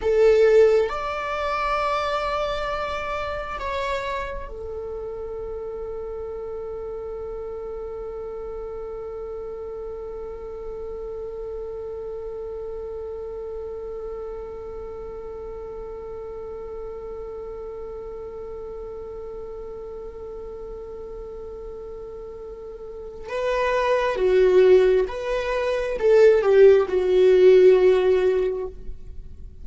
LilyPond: \new Staff \with { instrumentName = "viola" } { \time 4/4 \tempo 4 = 67 a'4 d''2. | cis''4 a'2.~ | a'1~ | a'1~ |
a'1~ | a'1~ | a'2 b'4 fis'4 | b'4 a'8 g'8 fis'2 | }